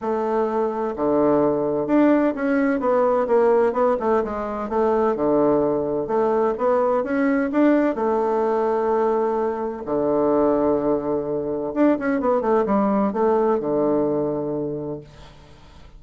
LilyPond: \new Staff \with { instrumentName = "bassoon" } { \time 4/4 \tempo 4 = 128 a2 d2 | d'4 cis'4 b4 ais4 | b8 a8 gis4 a4 d4~ | d4 a4 b4 cis'4 |
d'4 a2.~ | a4 d2.~ | d4 d'8 cis'8 b8 a8 g4 | a4 d2. | }